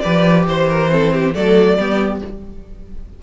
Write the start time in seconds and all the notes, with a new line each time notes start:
0.00 F3 G4 B4 D5
0.47 E3 C5
0.69 A#4
0.90 C4 A4
1.13 G4
1.34 F#3 A3 A4 D5
1.78 G3 B3 G4